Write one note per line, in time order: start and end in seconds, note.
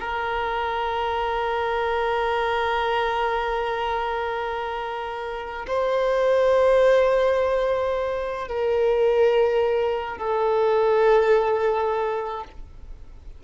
0.00 5.66 A#4
5.67 8.48 C5
8.48 10.18 A#4
10.18 12.44 A4